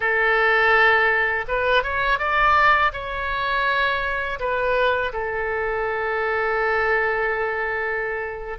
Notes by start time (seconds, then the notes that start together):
0.00 A4
1.48 B4
1.83 C#5
2.18 D5
2.92 C#5
4.39 B4
5.12 A4